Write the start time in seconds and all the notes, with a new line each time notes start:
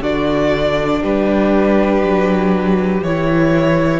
0.00 D3 D4 F#4 D5
1.01 G3 G4 B4
2.02 F#3
3.02 E3 E4 C#5